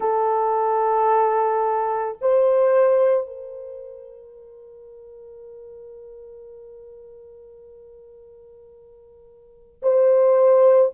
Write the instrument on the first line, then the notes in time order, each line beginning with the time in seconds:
horn
0.00 A4
2.21 C5
3.27 A#4
9.82 C5